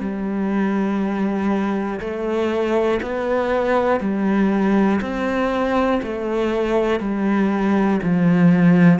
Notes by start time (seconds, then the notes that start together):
0.00 G3
2.00 A3
3.02 B3
4.00 G3
5.01 C4
6.03 A3
7.00 G3
8.03 F3